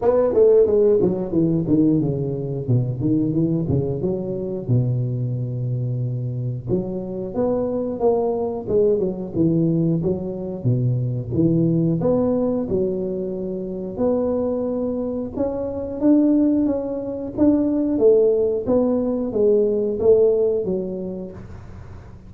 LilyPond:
\new Staff \with { instrumentName = "tuba" } { \time 4/4 \tempo 4 = 90 b8 a8 gis8 fis8 e8 dis8 cis4 | b,8 dis8 e8 cis8 fis4 b,4~ | b,2 fis4 b4 | ais4 gis8 fis8 e4 fis4 |
b,4 e4 b4 fis4~ | fis4 b2 cis'4 | d'4 cis'4 d'4 a4 | b4 gis4 a4 fis4 | }